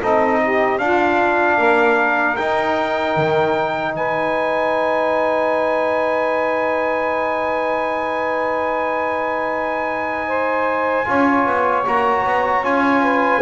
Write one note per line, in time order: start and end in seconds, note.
0.00 0.79 C4
0.00 0.79 D#4
0.00 0.39 A4
0.00 0.78 D#5
0.43 0.81 G4
0.78 2.37 D4
0.78 1.58 D4
0.78 1.57 F4
0.78 2.36 F5
1.57 2.37 A#3
1.57 3.94 A#4
2.36 11.05 D#4
2.36 3.16 D#4
2.36 3.94 G5
3.16 3.95 D#3
3.95 11.05 G#3
3.95 10.28 B4
3.95 11.85 G#5
10.28 11.07 C5
11.05 11.46 C#4
11.05 11.84 F4
11.05 13.02 C#5
11.46 11.85 B3
11.85 12.24 A#3
11.85 12.63 F#4
11.85 12.65 A#5
12.24 12.62 B3
12.62 13.41 C#4
12.62 13.42 F4
12.62 13.42 G#5
13.02 13.41 B4